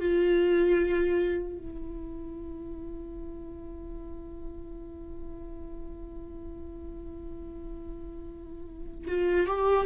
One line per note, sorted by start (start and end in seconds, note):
0.00 1.58 F4
1.58 9.08 E4
9.08 9.47 F4
9.47 9.86 G4